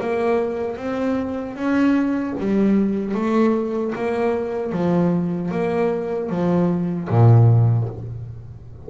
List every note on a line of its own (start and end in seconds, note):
0.00 0.76 A#3
0.76 1.55 C4
1.55 2.34 C#4
2.39 3.14 G3
3.14 3.93 A3
3.95 4.72 A#3
4.72 5.51 F3
5.51 6.29 A#3
6.29 7.08 F3
7.09 7.88 A#2